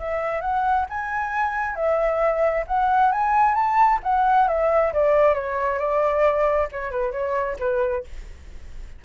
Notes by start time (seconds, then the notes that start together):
0.00 E5
0.42 F#5
0.90 G#5
1.76 E5
2.67 F#5
3.12 G#5
3.55 A5
4.03 F#5
4.48 E5
4.94 D5
5.35 C#5
5.79 D5
6.72 C#5
6.92 B4
7.13 C#5
7.60 B4